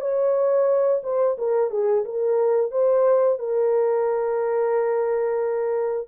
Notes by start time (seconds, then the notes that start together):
0.00 C#5
1.03 C5
1.38 A#4
1.70 G#4
2.05 A#4
2.71 C5
3.39 A#4